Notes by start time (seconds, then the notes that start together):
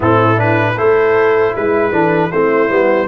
0.00 A2 C4 E4 A4
0.35 D4 B4
0.76 A3 E4 A4 C5
1.54 G#3 E4 B4
1.91 E3 D4 A4
2.31 A3 C4 E4 C5
2.69 G3 B3